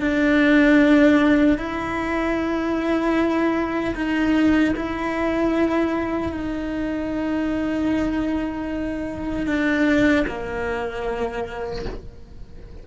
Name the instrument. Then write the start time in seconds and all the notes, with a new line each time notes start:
cello
0.00 D4
1.58 E4
3.95 D#4
4.75 E4
6.32 D#4
9.46 D4
10.27 A#3